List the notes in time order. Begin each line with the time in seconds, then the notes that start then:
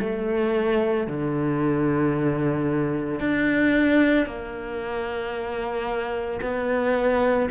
0.00 A3
1.07 D3
3.19 D4
4.26 A#3
6.41 B3